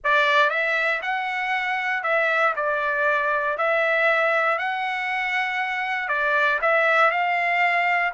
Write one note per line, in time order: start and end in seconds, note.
0.04 0.50 D5
0.50 1.01 E5
1.02 2.03 F#5
2.03 2.54 E5
2.55 3.57 D5
3.57 4.58 E5
4.58 6.08 F#5
6.08 6.59 D5
6.61 7.10 E5
7.10 8.12 F5